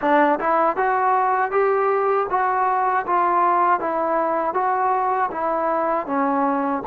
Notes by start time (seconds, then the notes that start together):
0.01 D4
0.39 E4
0.76 F#4
1.51 G4
2.30 F#4
3.06 F4
3.80 E4
4.54 F#4
5.31 E4
6.06 C#4